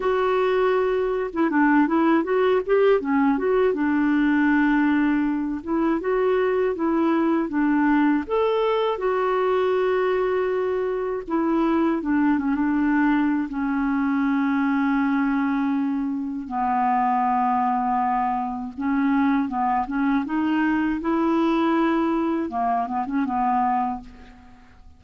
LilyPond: \new Staff \with { instrumentName = "clarinet" } { \time 4/4 \tempo 4 = 80 fis'4.~ fis'16 e'16 d'8 e'8 fis'8 g'8 | cis'8 fis'8 d'2~ d'8 e'8 | fis'4 e'4 d'4 a'4 | fis'2. e'4 |
d'8 cis'16 d'4~ d'16 cis'2~ | cis'2 b2~ | b4 cis'4 b8 cis'8 dis'4 | e'2 ais8 b16 cis'16 b4 | }